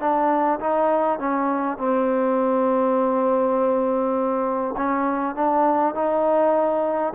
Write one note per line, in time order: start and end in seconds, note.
0.00 0.59 D4
0.60 1.19 D#4
1.19 1.78 C#4
1.78 4.75 C4
4.77 5.35 C#4
5.35 5.95 D4
5.95 7.13 D#4